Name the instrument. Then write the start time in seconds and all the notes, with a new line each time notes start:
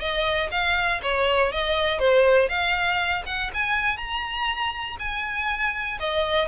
violin
0.00 D#5
0.51 F5
1.02 C#5
1.52 D#5
1.99 C5
2.49 F5
3.26 F#5
3.54 G#5
3.97 A#5
4.99 G#5
5.99 D#5